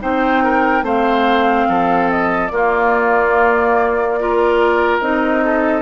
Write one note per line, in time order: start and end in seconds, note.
0.00 0.82 C4
0.00 0.83 D#4
0.00 0.43 C5
0.00 0.85 G5
0.43 0.84 A#4
0.82 1.65 A3
0.82 2.49 C4
0.82 1.67 C5
0.82 2.11 F5
1.68 2.51 F3
1.68 2.52 A4
2.11 2.47 D#5
2.47 5.00 A#3
2.47 4.19 A#3
2.47 4.19 F4
2.47 4.97 D5
4.19 5.01 F4
4.19 5.44 A#4
5.00 5.82 C4
5.00 5.82 D#4
5.00 5.82 D#5
5.44 5.82 A4